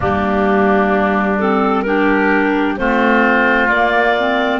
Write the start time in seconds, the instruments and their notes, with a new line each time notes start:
0.00 double bass G3, clarinet A#3 G4, oboe D4
1.38 clarinet C4 A4
1.82 clarinet D4 A#4, oboe G4
2.77 double bass A3, clarinet C4 C5, oboe F4
3.68 double bass A#3, clarinet A#3 D5
4.18 clarinet C4